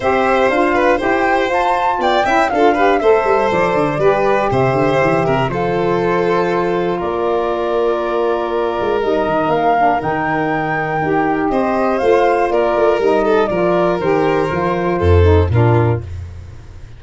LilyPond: <<
  \new Staff \with { instrumentName = "flute" } { \time 4/4 \tempo 4 = 120 e''4 f''4 g''4 a''4 | g''4 f''4 e''4 d''4~ | d''4 e''2 c''4~ | c''2 d''2~ |
d''2 dis''4 f''4 | g''2. dis''4 | f''4 d''4 dis''4 d''4 | c''2. ais'4 | }
  \new Staff \with { instrumentName = "violin" } { \time 4/4 c''4. b'8 c''2 | d''8 e''8 a'8 b'8 c''2 | b'4 c''4. ais'8 a'4~ | a'2 ais'2~ |
ais'1~ | ais'2. c''4~ | c''4 ais'4. a'8 ais'4~ | ais'2 a'4 f'4 | }
  \new Staff \with { instrumentName = "saxophone" } { \time 4/4 g'4 f'4 g'4 f'4~ | f'8 e'8 f'8 g'8 a'2 | g'2. f'4~ | f'1~ |
f'2 dis'4. d'8 | dis'2 g'2 | f'2 dis'4 f'4 | g'4 f'4. dis'8 d'4 | }
  \new Staff \with { instrumentName = "tuba" } { \time 4/4 c'4 d'4 e'4 f'4 | b8 cis'8 d'4 a8 g8 f8 d8 | g4 c8 d8 e8 c8 f4~ | f2 ais2~ |
ais4. gis8 g8 dis8 ais4 | dis2 dis'4 c'4 | a4 ais8 a8 g4 f4 | dis4 f4 f,4 ais,4 | }
>>